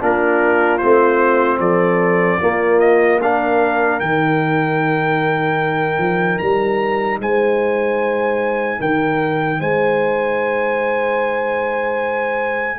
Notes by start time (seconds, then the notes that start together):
0.00 A#3 D4 F4 A#4
0.78 A3 C4 C5
1.58 F3 A4 D5
2.40 A#3 F4
2.79 D#5
3.21 D4 A#4 F5
3.99 D#3 D#4 G5
5.98 F3
6.38 G3 A#5
7.19 G#3 C5 G#5
8.79 D#3 A#4 G5
9.59 G#3 C5 G#5